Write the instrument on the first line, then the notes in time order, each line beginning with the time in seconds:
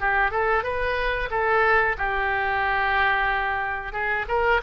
oboe
0.00 G4
0.31 A4
0.63 B4
1.30 A4
1.98 G4
3.92 G#4
4.28 A#4